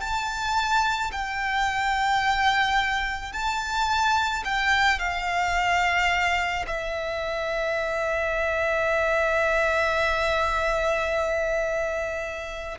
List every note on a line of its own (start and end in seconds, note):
0.00 1.11 A5
1.12 3.32 G5
3.32 4.43 A5
4.44 4.99 G5
4.99 6.66 F5
6.67 12.78 E5